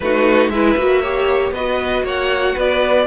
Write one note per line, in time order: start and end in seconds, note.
0.00 0.48 A3
0.00 0.53 D#4
0.00 0.52 F#4
0.00 0.49 B4
0.48 0.74 G#3
0.48 0.78 E4
0.48 1.01 B4
0.48 1.51 E5
0.77 1.51 A#3
0.77 1.02 F#4
1.01 1.54 G4
1.01 1.52 C#5
1.51 2.02 B3
1.51 3.07 F#4
1.51 2.04 B4
1.51 2.05 D#5
2.03 2.54 A#3
2.03 2.54 C#5
2.03 2.59 F#5
2.54 3.07 B3
2.54 3.05 B4
2.54 3.07 D5